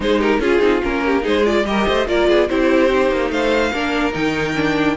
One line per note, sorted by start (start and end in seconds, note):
0.00 0.39 G#3
0.00 0.41 D#4
0.00 0.19 G#4
0.00 0.20 C5
0.19 0.40 G4
0.19 0.41 A#4
0.39 0.59 C#4
0.39 0.59 F4
0.39 1.05 F4
0.39 0.82 G#4
0.59 0.81 C4
0.59 0.79 D#4
0.82 1.26 A#3
0.82 1.21 C#4
0.82 1.25 A#4
1.05 1.23 G4
1.21 1.65 G#3
1.21 1.42 D#4
1.21 1.64 G#4
1.21 1.45 C5
1.44 1.65 F4
1.44 1.66 D5
1.65 1.86 G3
1.65 2.07 G4
1.65 1.86 A#4
1.65 2.07 D#5
1.86 2.07 A3
1.86 2.07 C5
2.07 2.28 A#3
2.07 2.48 F4
2.07 2.28 A#4
2.07 2.48 D5
2.28 2.49 B3
2.28 2.49 G#4
2.48 3.11 C4
2.48 2.89 E4
2.48 3.32 G4
2.48 3.30 C5
2.89 3.71 D#4
3.11 3.30 A#3
3.30 3.71 A3
3.30 3.71 C5
3.30 4.13 F5
3.71 4.14 A#3
3.71 4.12 D4
3.71 4.96 A#4
4.12 4.96 D#3
4.12 4.53 D#4
4.12 4.96 G5
4.55 4.96 D4